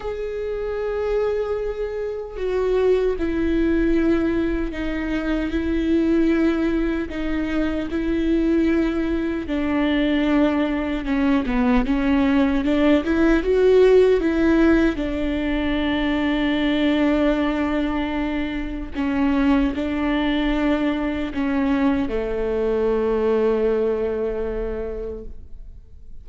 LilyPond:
\new Staff \with { instrumentName = "viola" } { \time 4/4 \tempo 4 = 76 gis'2. fis'4 | e'2 dis'4 e'4~ | e'4 dis'4 e'2 | d'2 cis'8 b8 cis'4 |
d'8 e'8 fis'4 e'4 d'4~ | d'1 | cis'4 d'2 cis'4 | a1 | }